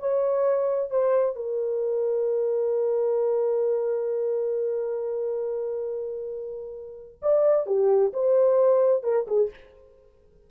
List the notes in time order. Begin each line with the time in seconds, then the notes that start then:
0.00 C#5
0.91 C5
1.36 A#4
7.22 D5
7.67 G4
8.14 C5
9.04 A#4
9.27 G#4